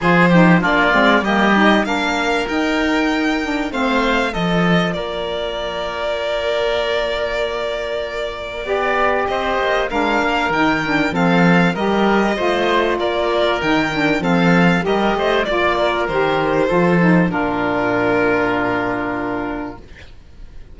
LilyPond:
<<
  \new Staff \with { instrumentName = "violin" } { \time 4/4 \tempo 4 = 97 c''4 d''4 dis''4 f''4 | g''2 f''4 dis''4 | d''1~ | d''2. dis''4 |
f''4 g''4 f''4 dis''4~ | dis''4 d''4 g''4 f''4 | dis''4 d''4 c''2 | ais'1 | }
  \new Staff \with { instrumentName = "oboe" } { \time 4/4 gis'8 g'8 f'4 g'4 ais'4~ | ais'2 c''4 a'4 | ais'1~ | ais'2 d''4 c''4 |
ais'2 a'4 ais'4 | c''4 ais'2 a'4 | ais'8 c''8 d''8 ais'4. a'4 | f'1 | }
  \new Staff \with { instrumentName = "saxophone" } { \time 4/4 f'8 dis'8 d'8 c'8 ais8 dis'8 d'4 | dis'4. d'8 c'4 f'4~ | f'1~ | f'2 g'2 |
d'4 dis'8 d'8 c'4 g'4 | f'2 dis'8 d'8 c'4 | g'4 f'4 g'4 f'8 dis'8 | d'1 | }
  \new Staff \with { instrumentName = "cello" } { \time 4/4 f4 ais8 gis8 g4 ais4 | dis'2 a4 f4 | ais1~ | ais2 b4 c'8 ais8 |
gis8 ais8 dis4 f4 g4 | a4 ais4 dis4 f4 | g8 a8 ais4 dis4 f4 | ais,1 | }
>>